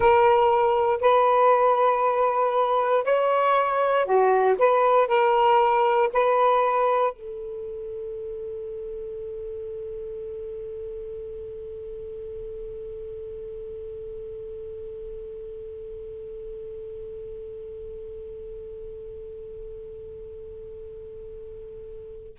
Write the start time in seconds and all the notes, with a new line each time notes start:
0.00 A#4
1.00 B4
3.04 C#5
4.05 F#4
4.58 B4
5.07 A#4
6.13 B4
7.12 A4